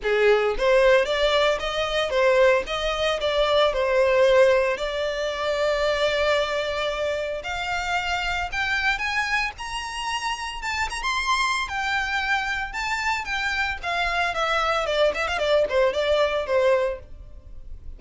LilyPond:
\new Staff \with { instrumentName = "violin" } { \time 4/4 \tempo 4 = 113 gis'4 c''4 d''4 dis''4 | c''4 dis''4 d''4 c''4~ | c''4 d''2.~ | d''2 f''2 |
g''4 gis''4 ais''2 | a''8 ais''16 c'''4~ c'''16 g''2 | a''4 g''4 f''4 e''4 | d''8 e''16 f''16 d''8 c''8 d''4 c''4 | }